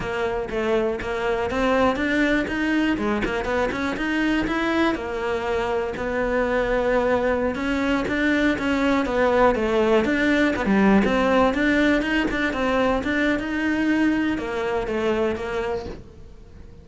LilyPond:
\new Staff \with { instrumentName = "cello" } { \time 4/4 \tempo 4 = 121 ais4 a4 ais4 c'4 | d'4 dis'4 gis8 ais8 b8 cis'8 | dis'4 e'4 ais2 | b2.~ b16 cis'8.~ |
cis'16 d'4 cis'4 b4 a8.~ | a16 d'4 b16 g8. c'4 d'8.~ | d'16 dis'8 d'8 c'4 d'8. dis'4~ | dis'4 ais4 a4 ais4 | }